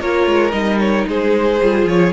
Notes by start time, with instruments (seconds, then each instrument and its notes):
0.00 cello A#3, viola F4, violin A#4 C#5
0.26 cello G#3
0.51 cello G3, viola D#4, violin D#5
0.79 violin C#5
1.07 cello G#3, violin G#4 C5
1.61 cello G3, viola F4
1.85 cello F3, violin C#5